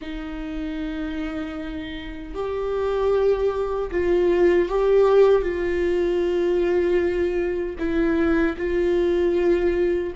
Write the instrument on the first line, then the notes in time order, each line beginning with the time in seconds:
viola
0.01 D#4
2.34 G4
3.91 F4
4.68 G4
5.42 F4
7.78 E4
8.57 F4